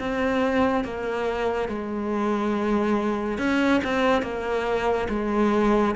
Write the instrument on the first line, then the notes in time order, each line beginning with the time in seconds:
cello
0.00 C4
0.85 A#3
1.69 G#3
3.39 C#4
3.85 C4
4.23 A#3
5.10 G#3